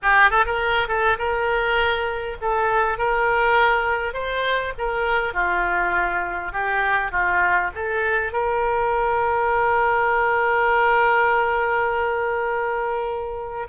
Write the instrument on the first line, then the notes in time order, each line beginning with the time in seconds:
oboe
0.02 G4
0.30 A4
0.45 A#4
0.87 A4
1.18 A#4
2.41 A4
2.98 A#4
4.13 C5
4.77 A#4
5.33 F4
6.52 G4
7.11 F4
7.74 A4
8.32 A#4